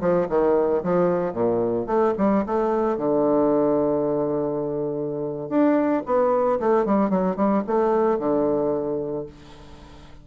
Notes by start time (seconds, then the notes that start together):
0.00 F3
0.28 D#3
0.83 F3
1.33 A#2
1.86 A3
2.17 G3
2.46 A3
2.97 D3
5.49 D4
6.05 B3
6.59 A3
6.85 G3
7.10 F#3
7.36 G3
7.67 A3
8.18 D3